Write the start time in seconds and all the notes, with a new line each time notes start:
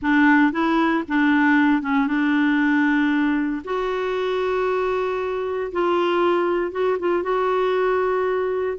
0.01 D4
0.51 E4
1.07 D4
1.82 C#4
2.07 D4
3.64 F#4
5.72 F4
6.71 F#4
6.99 F4
7.22 F#4